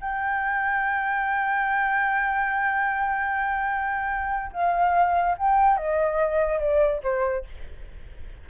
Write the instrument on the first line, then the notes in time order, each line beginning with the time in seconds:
flute
0.00 G5
4.52 F5
5.37 G5
5.77 D#5
6.59 D5
7.03 C5